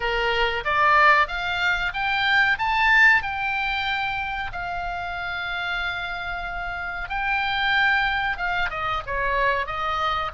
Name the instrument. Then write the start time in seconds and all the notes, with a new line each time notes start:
oboe
0.00 A#4
0.64 D5
1.27 F5
1.93 G5
2.58 A5
3.22 G5
4.52 F5
7.09 G5
8.37 F5
8.70 D#5
9.06 C#5
9.66 D#5